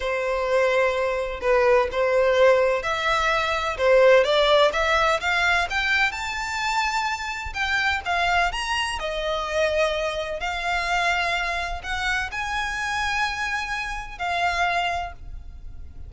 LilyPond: \new Staff \with { instrumentName = "violin" } { \time 4/4 \tempo 4 = 127 c''2. b'4 | c''2 e''2 | c''4 d''4 e''4 f''4 | g''4 a''2. |
g''4 f''4 ais''4 dis''4~ | dis''2 f''2~ | f''4 fis''4 gis''2~ | gis''2 f''2 | }